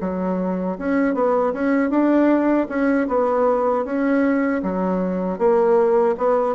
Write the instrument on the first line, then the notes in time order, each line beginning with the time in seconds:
bassoon
0.00 F#3
0.78 C#4
1.14 B3
1.53 C#4
1.90 D4
2.69 C#4
3.08 B3
3.85 C#4
4.62 F#3
5.38 A#3
6.17 B3